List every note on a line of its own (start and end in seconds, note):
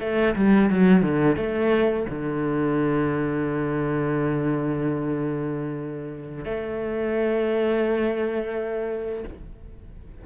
0.00 0.35 A3
0.36 0.70 G3
0.70 1.02 F#3
1.02 1.36 D3
1.36 2.06 A3
2.10 6.45 D3
6.45 9.24 A3